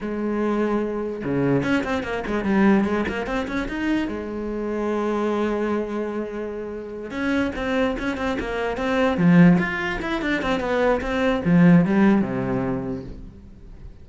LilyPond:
\new Staff \with { instrumentName = "cello" } { \time 4/4 \tempo 4 = 147 gis2. cis4 | cis'8 c'8 ais8 gis8 g4 gis8 ais8 | c'8 cis'8 dis'4 gis2~ | gis1~ |
gis4. cis'4 c'4 cis'8 | c'8 ais4 c'4 f4 f'8~ | f'8 e'8 d'8 c'8 b4 c'4 | f4 g4 c2 | }